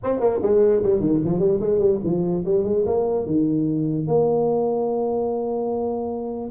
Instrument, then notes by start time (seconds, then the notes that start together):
tuba
0.03 C4
0.19 A#3
0.42 G#3
0.83 G3
1.00 D#3
1.24 F3
1.39 G3
1.60 G#3
1.78 G3
2.03 F3
2.45 G3
2.64 G#3
2.86 A#3
3.26 D#3
4.07 A#3